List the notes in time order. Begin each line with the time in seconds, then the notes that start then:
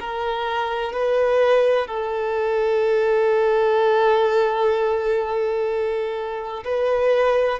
0.00 A#4
0.93 B4
1.88 A4
6.65 B4